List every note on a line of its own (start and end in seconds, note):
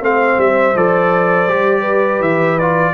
0.00 0.37 A3
0.00 0.74 C4
0.00 1.81 C5
0.00 0.40 F5
0.38 0.74 G3
0.38 0.77 E5
0.75 1.48 F3
0.75 1.49 A4
0.75 2.22 D5
1.48 2.20 G3
1.48 2.59 G4
1.81 2.91 B4
2.20 2.93 E3
2.20 2.59 E5
2.59 2.94 F4
2.59 2.94 D5